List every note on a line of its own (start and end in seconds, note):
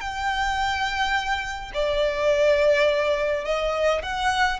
0.00 1.71 G5
1.74 3.45 D5
3.45 4.02 D#5
4.02 4.59 F#5